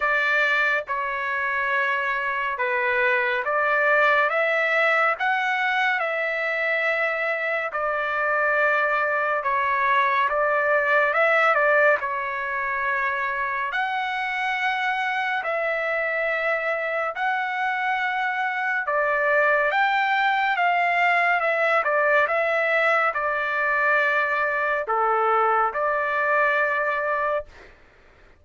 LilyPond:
\new Staff \with { instrumentName = "trumpet" } { \time 4/4 \tempo 4 = 70 d''4 cis''2 b'4 | d''4 e''4 fis''4 e''4~ | e''4 d''2 cis''4 | d''4 e''8 d''8 cis''2 |
fis''2 e''2 | fis''2 d''4 g''4 | f''4 e''8 d''8 e''4 d''4~ | d''4 a'4 d''2 | }